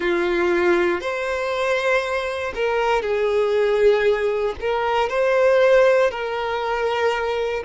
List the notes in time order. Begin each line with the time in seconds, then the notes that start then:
0.00 F4
1.00 C5
2.54 A#4
3.02 G#4
4.60 A#4
5.09 C5
6.11 A#4